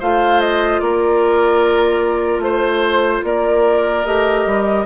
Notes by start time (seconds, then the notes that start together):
0.00 A3 F4 C5 F5
0.41 D#5
0.80 A#3 A#4 D5
2.39 A3 C5
3.24 A#3 A#4 D5
4.06 A3 G4 D#5
4.46 G3